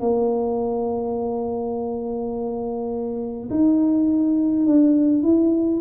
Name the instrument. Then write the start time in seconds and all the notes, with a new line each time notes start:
tuba
0.00 A#3
3.50 D#4
4.66 D4
5.23 E4